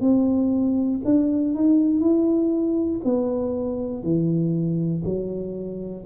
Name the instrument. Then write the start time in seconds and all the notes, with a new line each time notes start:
tuba
0.00 C4
1.04 D4
1.54 D#4
2.00 E4
3.04 B3
4.03 E3
5.05 F#3